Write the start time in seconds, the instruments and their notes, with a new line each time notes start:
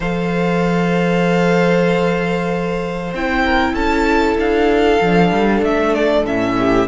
0.00 cello F3, viola A4, violin C5 F5
3.13 cello C4, viola E4, violin G5
3.44 violin A#4
3.73 cello C#4, violin A4 A5
4.37 cello D4, violin F5
5.01 cello F3, viola D4
5.31 cello G3
5.62 cello A3, violin E5
5.94 violin D5
6.25 cello A2, viola C#4, violin E5
6.58 violin G4